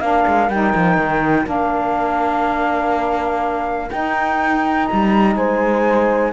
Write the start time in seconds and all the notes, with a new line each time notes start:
0.00 A#3 D4 A#4 F5
0.27 G#3
0.49 G3 D#4 G5
0.74 F3
0.97 D#3
1.44 A#3 D4 F5
3.90 D#4 G5
4.86 G3 A#5
5.36 G#3 C5 G#5